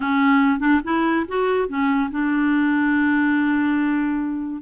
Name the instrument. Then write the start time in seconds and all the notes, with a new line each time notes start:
clarinet
0.00 C#4
0.59 D4
0.84 E4
1.28 F#4
1.68 C#4
2.10 D4